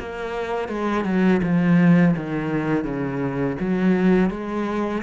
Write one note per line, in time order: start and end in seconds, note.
0.00 0.69 A#3
0.69 1.05 G#3
1.05 1.41 F#3
1.43 2.16 F3
2.17 2.85 D#3
2.85 3.57 C#3
3.60 4.30 F#3
4.30 5.03 G#3